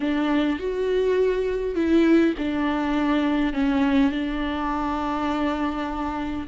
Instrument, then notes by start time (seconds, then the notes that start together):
viola
0.00 D4
0.59 F#4
1.75 E4
2.38 D4
3.53 C#4
4.11 D4